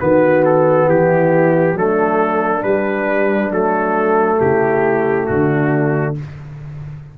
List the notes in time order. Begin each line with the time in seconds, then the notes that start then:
0.00 D#3 B3 F#4 B4
0.45 A4
0.87 E3 E4 G4
1.74 F#3 A3 D4 A4
2.63 G3 B4
3.51 F#3 A3 A4
4.40 C#3 E4 G4
5.26 D3 D4 F#4